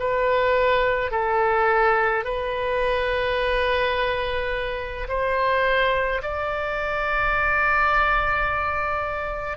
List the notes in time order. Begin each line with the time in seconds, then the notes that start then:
0.00 B4
1.12 A4
2.25 B4
5.09 C5
6.23 D5